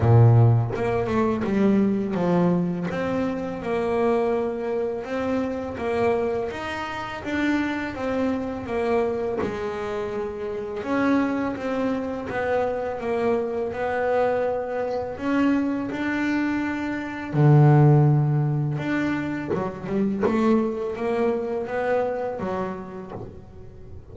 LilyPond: \new Staff \with { instrumentName = "double bass" } { \time 4/4 \tempo 4 = 83 ais,4 ais8 a8 g4 f4 | c'4 ais2 c'4 | ais4 dis'4 d'4 c'4 | ais4 gis2 cis'4 |
c'4 b4 ais4 b4~ | b4 cis'4 d'2 | d2 d'4 fis8 g8 | a4 ais4 b4 fis4 | }